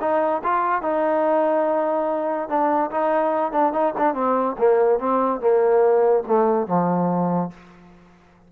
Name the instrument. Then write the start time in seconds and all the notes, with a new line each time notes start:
trombone
0.00 D#4
0.43 F4
0.82 D#4
2.48 D4
2.91 D#4
3.52 D4
3.73 D#4
3.98 D4
4.14 C4
4.58 A#3
4.99 C4
5.40 A#3
6.26 A3
6.67 F3